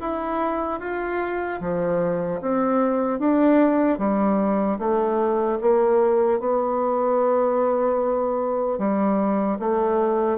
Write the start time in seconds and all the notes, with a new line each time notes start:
0.00 E4
0.80 F4
1.60 F3
2.41 C4
3.19 D4
3.98 G3
4.79 A3
5.61 A#3
6.39 B3
8.79 G3
9.59 A3